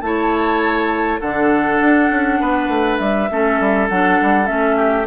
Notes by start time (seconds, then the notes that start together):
0.00 A3 E4 C#5 A5
1.20 D3 D4 A4 F#5
1.80 D4
2.10 C#4
2.40 B3 B4
2.68 A3
2.98 G3 E5
3.30 A3 C#4 A4
3.59 G3
3.88 F#3 D4 F#5
4.21 G3
4.45 A3 C#4 E5
4.76 G4